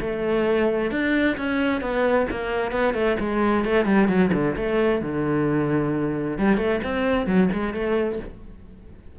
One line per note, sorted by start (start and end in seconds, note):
0.00 0.91 A3
0.91 1.37 D4
1.37 1.81 C#4
1.81 2.26 B3
2.31 2.71 A#3
2.71 2.94 B3
2.94 3.17 A3
3.19 3.64 G#3
3.64 3.85 A3
3.85 4.08 G3
4.08 4.31 F#3
4.32 4.55 D3
4.56 5.01 A3
5.01 6.38 D3
6.38 6.57 G3
6.57 6.80 A3
6.83 7.26 C4
7.26 7.49 F#3
7.53 7.73 G#3
7.73 8.19 A3